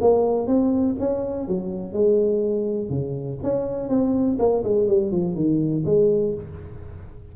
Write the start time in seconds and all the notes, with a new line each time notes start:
0.00 A#3
0.46 C4
0.99 C#4
1.47 F#3
1.92 G#3
2.89 C#3
3.43 C#4
3.88 C4
4.39 A#3
4.63 G#3
4.87 G3
5.11 F3
5.35 D#3
5.85 G#3